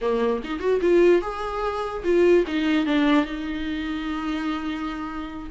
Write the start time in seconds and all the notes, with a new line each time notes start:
0.01 A#3
0.43 D#4
0.59 F#4
0.81 F4
1.21 G#4
2.03 F4
2.47 D#4
2.86 D4
3.25 D#4